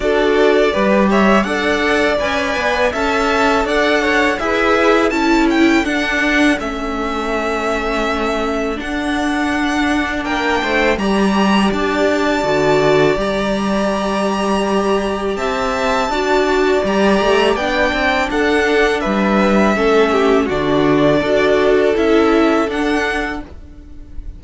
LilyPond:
<<
  \new Staff \with { instrumentName = "violin" } { \time 4/4 \tempo 4 = 82 d''4. e''8 fis''4 gis''4 | a''4 fis''4 e''4 a''8 g''8 | fis''4 e''2. | fis''2 g''4 ais''4 |
a''2 ais''2~ | ais''4 a''2 ais''4 | g''4 fis''4 e''2 | d''2 e''4 fis''4 | }
  \new Staff \with { instrumentName = "violin" } { \time 4/4 a'4 b'8 cis''8 d''2 | e''4 d''8 cis''8 b'4 a'4~ | a'1~ | a'2 ais'8 c''8 d''4~ |
d''1~ | d''4 e''4 d''2~ | d''4 a'4 b'4 a'8 g'8 | fis'4 a'2. | }
  \new Staff \with { instrumentName = "viola" } { \time 4/4 fis'4 g'4 a'4 b'4 | a'2 gis'4 e'4 | d'4 cis'2. | d'2. g'4~ |
g'4 fis'4 g'2~ | g'2 fis'4 g'4 | d'2. cis'4 | d'4 fis'4 e'4 d'4 | }
  \new Staff \with { instrumentName = "cello" } { \time 4/4 d'4 g4 d'4 cis'8 b8 | cis'4 d'4 e'4 cis'4 | d'4 a2. | d'2 ais8 a8 g4 |
d'4 d4 g2~ | g4 c'4 d'4 g8 a8 | b8 c'8 d'4 g4 a4 | d4 d'4 cis'4 d'4 | }
>>